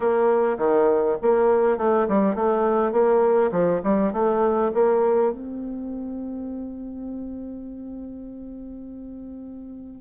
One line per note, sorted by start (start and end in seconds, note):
0.00 0.57 A#3
0.58 1.17 D#3
1.21 1.77 A#3
1.77 2.07 A3
2.08 2.35 G3
2.35 2.91 A3
2.91 3.50 A#3
3.51 3.80 F3
3.83 4.13 G3
4.13 4.71 A3
4.74 5.32 A#3
5.32 10.01 C4